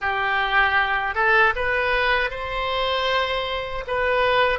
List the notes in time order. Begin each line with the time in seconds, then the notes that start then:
0.01 G4
1.15 A4
1.55 B4
2.30 C5
3.87 B4